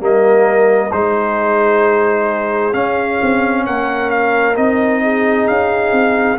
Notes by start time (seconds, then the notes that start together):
0.00 G3 A#3 A#4 D#5
0.92 G#3 D#4 G#4 C5
2.73 C#4 F5
3.22 C4
3.66 A#3 A#4 F#5
4.10 F5
4.56 C4 D#4 D#5
5.02 G#4
5.48 C#4 F5
5.92 C4